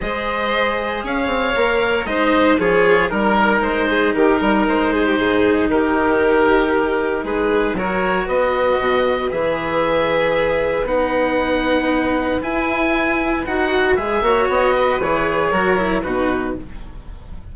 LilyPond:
<<
  \new Staff \with { instrumentName = "oboe" } { \time 4/4 \tempo 4 = 116 dis''2 f''2 | dis''4 cis''4 ais'4 c''4 | ais'4 c''2 ais'4~ | ais'2 b'4 cis''4 |
dis''2 e''2~ | e''4 fis''2. | gis''2 fis''4 e''4 | dis''4 cis''2 b'4 | }
  \new Staff \with { instrumentName = "violin" } { \time 4/4 c''2 cis''2 | c''4 gis'4 ais'4. gis'8 | g'8 ais'4 gis'16 g'16 gis'4 g'4~ | g'2 gis'4 ais'4 |
b'1~ | b'1~ | b'2.~ b'8 cis''8~ | cis''8 b'4. ais'4 fis'4 | }
  \new Staff \with { instrumentName = "cello" } { \time 4/4 gis'2. ais'4 | dis'4 f'4 dis'2~ | dis'1~ | dis'2. fis'4~ |
fis'2 gis'2~ | gis'4 dis'2. | e'2 fis'4 gis'8 fis'8~ | fis'4 gis'4 fis'8 e'8 dis'4 | }
  \new Staff \with { instrumentName = "bassoon" } { \time 4/4 gis2 cis'8 c'8 ais4 | gis4 f4 g4 gis4 | dis8 g8 gis4 gis,4 dis4~ | dis2 gis4 fis4 |
b4 b,4 e2~ | e4 b2. | e'2 dis'4 gis8 ais8 | b4 e4 fis4 b,4 | }
>>